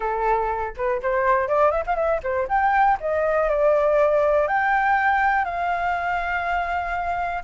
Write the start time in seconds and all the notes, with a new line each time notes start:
0.00 A4
0.76 B4
1.02 C5
1.48 D5
1.71 E5
1.86 F5
1.95 E5
2.23 C5
2.48 G5
3.00 D#5
3.49 D5
4.47 G5
5.44 F5